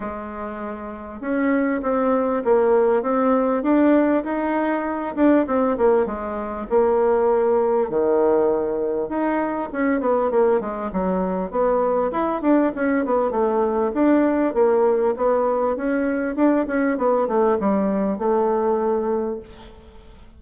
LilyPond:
\new Staff \with { instrumentName = "bassoon" } { \time 4/4 \tempo 4 = 99 gis2 cis'4 c'4 | ais4 c'4 d'4 dis'4~ | dis'8 d'8 c'8 ais8 gis4 ais4~ | ais4 dis2 dis'4 |
cis'8 b8 ais8 gis8 fis4 b4 | e'8 d'8 cis'8 b8 a4 d'4 | ais4 b4 cis'4 d'8 cis'8 | b8 a8 g4 a2 | }